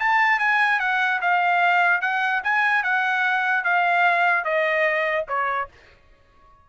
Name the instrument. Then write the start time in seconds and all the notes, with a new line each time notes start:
trumpet
0.00 A5
0.39 G#5
0.80 F#5
1.21 F5
2.02 F#5
2.44 G#5
2.83 F#5
3.64 F5
4.45 D#5
5.28 C#5